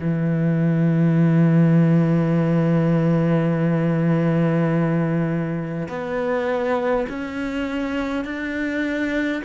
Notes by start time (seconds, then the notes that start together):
0.00 E3
5.89 B3
7.09 C#4
8.25 D4